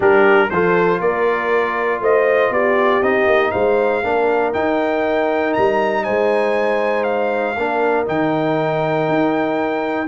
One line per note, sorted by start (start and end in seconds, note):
0.00 0.50 G3
0.00 0.49 D4
0.00 0.47 G4
0.00 0.49 A#4
0.49 1.00 F3
0.49 3.02 F4
0.49 0.99 A4
0.49 1.00 C5
0.99 2.00 A#3
0.99 2.00 A#4
0.99 2.02 D5
2.00 2.50 A3
2.00 2.52 C5
2.00 2.53 D#5
2.50 3.01 B3
2.50 3.51 G4
2.50 3.02 D5
3.02 3.26 C4
3.02 4.03 D#4
3.02 3.51 D#5
3.26 3.51 A#3
3.51 4.03 G#3
3.51 4.02 C5
3.51 4.52 F5
4.03 4.54 A#3
4.03 4.53 D4
4.03 6.04 A#4
4.53 7.55 D#4
4.53 5.55 D#4
4.53 5.53 G5
5.53 6.06 G3
5.53 6.03 A#5
6.04 7.57 G#3
6.04 7.55 C5
6.04 7.03 G#5
7.03 8.04 F5
7.56 8.07 A#3
7.56 8.05 D4
7.56 10.07 A#4
8.05 9.08 D#3
8.05 10.07 D#4
8.05 10.07 G5
9.08 10.07 D#4